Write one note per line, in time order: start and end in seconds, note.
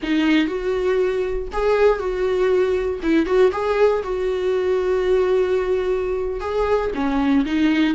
0.03 0.47 D#4
0.47 1.48 F#4
1.52 1.99 G#4
1.99 3.00 F#4
3.03 3.26 E4
3.26 3.51 F#4
3.52 4.02 G#4
4.03 6.40 F#4
6.40 6.91 G#4
6.94 7.45 C#4
7.45 7.94 D#4